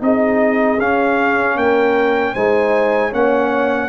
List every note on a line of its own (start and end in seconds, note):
0.00 0.78 C4
0.00 0.78 D#4
0.00 1.57 G#4
0.00 0.80 D#5
0.78 1.56 C#4
0.78 2.36 C#4
0.78 1.57 F5
1.56 2.34 A#3
1.56 2.34 A#4
1.56 2.34 G5
2.34 3.12 G#3
2.34 3.11 D#4
2.34 3.10 C5
2.34 3.12 G#5
3.10 3.89 A#3
3.10 3.89 C#4
3.10 3.87 C#5
3.10 3.89 F#5